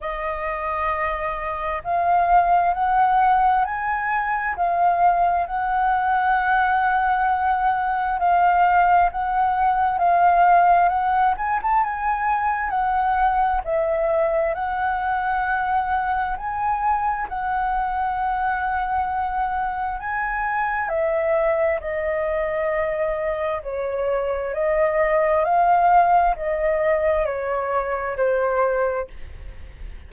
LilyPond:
\new Staff \with { instrumentName = "flute" } { \time 4/4 \tempo 4 = 66 dis''2 f''4 fis''4 | gis''4 f''4 fis''2~ | fis''4 f''4 fis''4 f''4 | fis''8 gis''16 a''16 gis''4 fis''4 e''4 |
fis''2 gis''4 fis''4~ | fis''2 gis''4 e''4 | dis''2 cis''4 dis''4 | f''4 dis''4 cis''4 c''4 | }